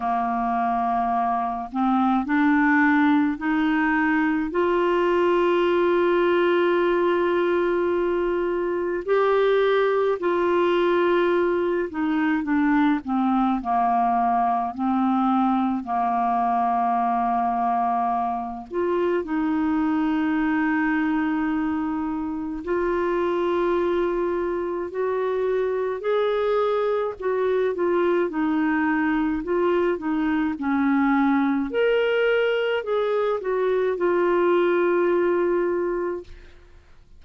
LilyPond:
\new Staff \with { instrumentName = "clarinet" } { \time 4/4 \tempo 4 = 53 ais4. c'8 d'4 dis'4 | f'1 | g'4 f'4. dis'8 d'8 c'8 | ais4 c'4 ais2~ |
ais8 f'8 dis'2. | f'2 fis'4 gis'4 | fis'8 f'8 dis'4 f'8 dis'8 cis'4 | ais'4 gis'8 fis'8 f'2 | }